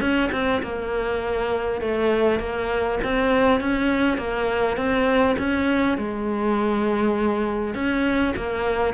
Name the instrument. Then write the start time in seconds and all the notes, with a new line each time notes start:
cello
0.00 C#4
0.32 C4
0.63 A#3
1.81 A3
2.39 A#3
3.03 C4
3.60 C#4
4.17 A#3
4.76 C4
5.38 C#4
5.98 G#3
7.74 C#4
8.36 A#3